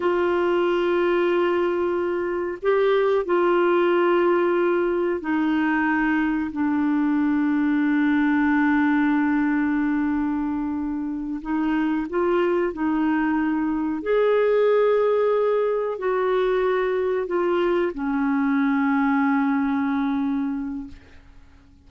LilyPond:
\new Staff \with { instrumentName = "clarinet" } { \time 4/4 \tempo 4 = 92 f'1 | g'4 f'2. | dis'2 d'2~ | d'1~ |
d'4. dis'4 f'4 dis'8~ | dis'4. gis'2~ gis'8~ | gis'8 fis'2 f'4 cis'8~ | cis'1 | }